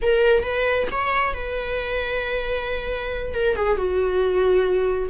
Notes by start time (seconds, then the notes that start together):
0.02 A#4
0.43 B4
0.91 C#5
1.33 B4
3.33 A#4
3.56 G#4
3.77 F#4